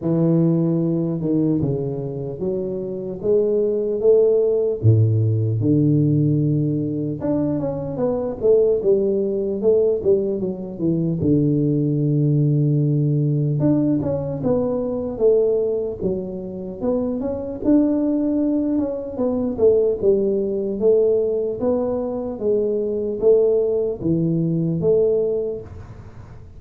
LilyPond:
\new Staff \with { instrumentName = "tuba" } { \time 4/4 \tempo 4 = 75 e4. dis8 cis4 fis4 | gis4 a4 a,4 d4~ | d4 d'8 cis'8 b8 a8 g4 | a8 g8 fis8 e8 d2~ |
d4 d'8 cis'8 b4 a4 | fis4 b8 cis'8 d'4. cis'8 | b8 a8 g4 a4 b4 | gis4 a4 e4 a4 | }